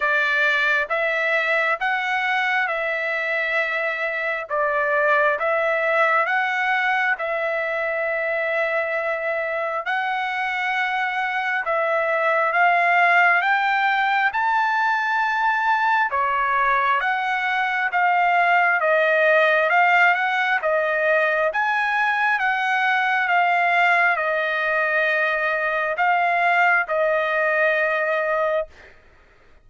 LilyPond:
\new Staff \with { instrumentName = "trumpet" } { \time 4/4 \tempo 4 = 67 d''4 e''4 fis''4 e''4~ | e''4 d''4 e''4 fis''4 | e''2. fis''4~ | fis''4 e''4 f''4 g''4 |
a''2 cis''4 fis''4 | f''4 dis''4 f''8 fis''8 dis''4 | gis''4 fis''4 f''4 dis''4~ | dis''4 f''4 dis''2 | }